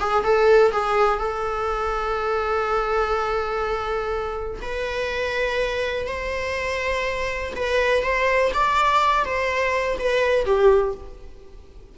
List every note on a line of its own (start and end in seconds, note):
0.00 0.24 G#4
0.24 0.72 A4
0.72 1.19 G#4
1.19 4.61 A4
4.62 6.07 B4
6.07 7.54 C5
7.56 8.04 B4
8.04 8.52 C5
8.54 9.25 D5
9.25 9.98 C5
9.99 10.45 B4
10.45 10.94 G4